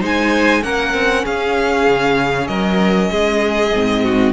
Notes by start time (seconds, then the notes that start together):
0.00 G#3 D#4 C5 G#5
0.62 A#3 C#4 A#4 F#5
0.93 C4
1.24 C#4 G#4 F5
1.87 C#3
2.47 F#3 A#4 D#5
3.11 G#3 G#4
3.74 G#2 C4
4.04 F#4